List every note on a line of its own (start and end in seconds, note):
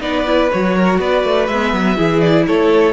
0.00 0.49 B3
0.00 0.25 D#4
0.00 0.75 B4
0.00 0.51 D5
0.25 0.50 E4
0.51 0.99 F#3
0.51 1.50 F#4
0.51 1.00 C#5
0.75 0.99 A#4
0.99 1.23 B3
0.99 1.96 B4
0.99 1.46 D5
1.23 1.48 A3
1.46 1.72 G#3
1.46 2.20 E5
1.52 1.96 B3
1.72 1.97 F#3
1.96 2.47 E3
1.96 2.93 E4
1.96 2.45 G#4
2.20 2.45 D5
2.47 2.93 A3
2.47 2.93 A4
2.47 2.93 C#5